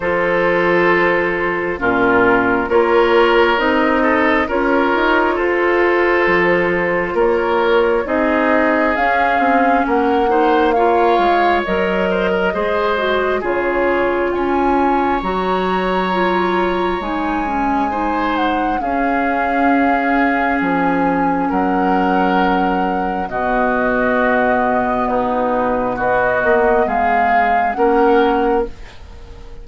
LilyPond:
<<
  \new Staff \with { instrumentName = "flute" } { \time 4/4 \tempo 4 = 67 c''2 ais'4 cis''4 | dis''4 cis''4 c''2 | cis''4 dis''4 f''4 fis''4 | f''4 dis''2 cis''4 |
gis''4 ais''2 gis''4~ | gis''8 fis''8 f''2 gis''4 | fis''2 dis''2 | b'4 dis''4 f''4 fis''4 | }
  \new Staff \with { instrumentName = "oboe" } { \time 4/4 a'2 f'4 ais'4~ | ais'8 a'8 ais'4 a'2 | ais'4 gis'2 ais'8 c''8 | cis''4. c''16 ais'16 c''4 gis'4 |
cis''1 | c''4 gis'2. | ais'2 fis'2 | dis'4 fis'4 gis'4 ais'4 | }
  \new Staff \with { instrumentName = "clarinet" } { \time 4/4 f'2 cis'4 f'4 | dis'4 f'2.~ | f'4 dis'4 cis'4. dis'8 | f'4 ais'4 gis'8 fis'8 f'4~ |
f'4 fis'4 f'4 dis'8 cis'8 | dis'4 cis'2.~ | cis'2 b2~ | b2. cis'4 | }
  \new Staff \with { instrumentName = "bassoon" } { \time 4/4 f2 ais,4 ais4 | c'4 cis'8 dis'8 f'4 f4 | ais4 c'4 cis'8 c'8 ais4~ | ais8 gis8 fis4 gis4 cis4 |
cis'4 fis2 gis4~ | gis4 cis'2 f4 | fis2 b,2~ | b,4 b8 ais8 gis4 ais4 | }
>>